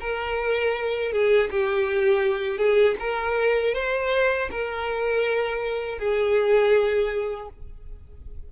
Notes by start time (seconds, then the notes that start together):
0.00 A#4
1.12 G#4
1.51 G4
2.58 G#4
2.99 A#4
3.74 C5
4.51 A#4
5.99 G#4